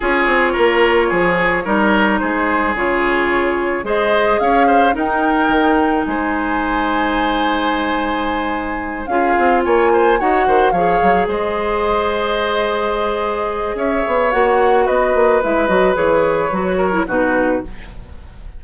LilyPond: <<
  \new Staff \with { instrumentName = "flute" } { \time 4/4 \tempo 4 = 109 cis''1 | c''4 cis''2 dis''4 | f''4 g''2 gis''4~ | gis''1~ |
gis''8 f''4 gis''4 fis''4 f''8~ | f''8 dis''2.~ dis''8~ | dis''4 e''4 fis''4 dis''4 | e''8 dis''8 cis''2 b'4 | }
  \new Staff \with { instrumentName = "oboe" } { \time 4/4 gis'4 ais'4 gis'4 ais'4 | gis'2. c''4 | cis''8 c''8 ais'2 c''4~ | c''1~ |
c''8 gis'4 cis''8 c''8 cis''8 c''8 cis''8~ | cis''8 c''2.~ c''8~ | c''4 cis''2 b'4~ | b'2~ b'8 ais'8 fis'4 | }
  \new Staff \with { instrumentName = "clarinet" } { \time 4/4 f'2. dis'4~ | dis'4 f'2 gis'4~ | gis'4 dis'2.~ | dis'1~ |
dis'8 f'2 fis'4 gis'8~ | gis'1~ | gis'2 fis'2 | e'8 fis'8 gis'4 fis'8. e'16 dis'4 | }
  \new Staff \with { instrumentName = "bassoon" } { \time 4/4 cis'8 c'8 ais4 f4 g4 | gis4 cis2 gis4 | cis'4 dis'4 dis4 gis4~ | gis1~ |
gis8 cis'8 c'8 ais4 dis'8 dis8 f8 | fis8 gis2.~ gis8~ | gis4 cis'8 b8 ais4 b8 ais8 | gis8 fis8 e4 fis4 b,4 | }
>>